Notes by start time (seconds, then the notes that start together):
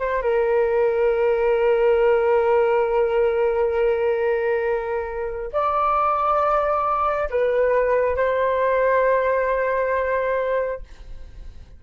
0.00 C5
0.22 A#4
5.53 D5
7.30 B4
8.17 C5